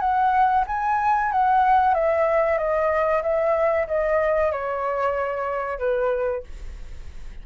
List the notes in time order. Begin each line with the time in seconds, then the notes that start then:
0.00 F#5
0.67 G#5
1.32 F#5
1.94 E5
2.58 D#5
3.23 E5
3.87 D#5
4.52 C#5
5.79 B4